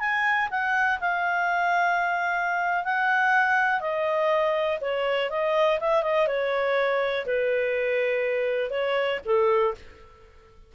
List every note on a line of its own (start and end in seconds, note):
0.00 0.49 G#5
0.51 1.00 F#5
1.00 2.85 F5
2.85 3.81 F#5
3.81 4.79 D#5
4.81 5.30 C#5
5.30 5.79 D#5
5.80 6.03 E5
6.03 6.27 D#5
6.27 7.26 C#5
7.26 8.71 B4
8.71 9.20 C#5
9.25 9.75 A4